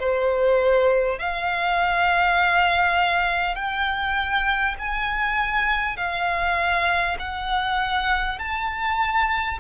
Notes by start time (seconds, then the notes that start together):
0.00 C5
1.19 F5
3.56 G5
4.79 G#5
5.97 F5
7.19 F#5
8.39 A5